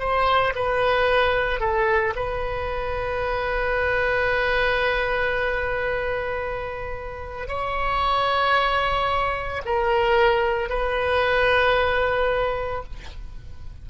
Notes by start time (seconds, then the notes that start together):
0.00 C5
0.56 B4
1.60 A4
2.16 B4
7.48 C#5
9.65 A#4
10.69 B4